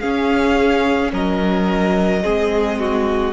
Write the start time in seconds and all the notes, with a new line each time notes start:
0.00 C#4 G#4 F5
1.13 F#3 A#4 D#5
2.22 G#3 C4 G#4
2.79 F#4